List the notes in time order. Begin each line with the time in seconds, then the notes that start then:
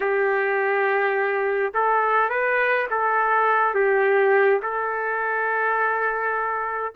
0.00 G4
1.74 A4
2.29 B4
2.90 A4
3.74 G4
4.62 A4